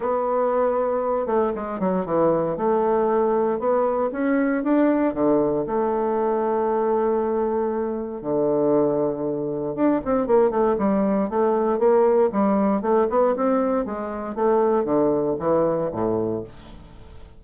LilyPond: \new Staff \with { instrumentName = "bassoon" } { \time 4/4 \tempo 4 = 117 b2~ b8 a8 gis8 fis8 | e4 a2 b4 | cis'4 d'4 d4 a4~ | a1 |
d2. d'8 c'8 | ais8 a8 g4 a4 ais4 | g4 a8 b8 c'4 gis4 | a4 d4 e4 a,4 | }